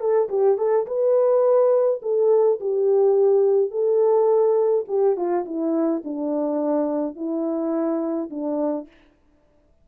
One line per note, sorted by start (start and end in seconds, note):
0.00 0.29 A4
0.29 0.58 G4
0.58 0.86 A4
0.86 2.01 B4
2.02 2.59 A4
2.60 3.71 G4
3.71 4.85 A4
4.88 5.16 G4
5.16 5.45 F4
5.45 6.02 E4
6.04 7.16 D4
7.16 8.30 E4
8.30 8.87 D4